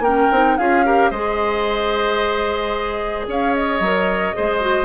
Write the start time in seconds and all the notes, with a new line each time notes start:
0.00 A#3 A#4 G5
0.07 C#4
0.32 C4 D#4
0.58 C#4 F4 G#4 F5
0.85 G4 A#4
1.11 G#3 G#4 C5 D#5
3.28 C#4 C#5 F5
3.55 D#5
3.81 F#3 A#4
4.34 G#3 G#4 C5
4.61 F#4